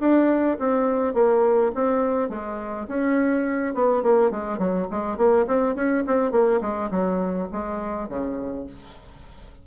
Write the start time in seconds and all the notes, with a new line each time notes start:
0.00 D4
0.60 C4
1.14 A#3
1.75 C4
2.29 G#3
2.88 C#4
3.74 B3
4.03 A#3
4.31 G#3
4.59 F#3
4.91 G#3
5.17 A#3
5.47 C4
5.75 C#4
6.07 C4
6.31 A#3
6.61 G#3
6.91 F#3
7.52 G#3
8.09 C#3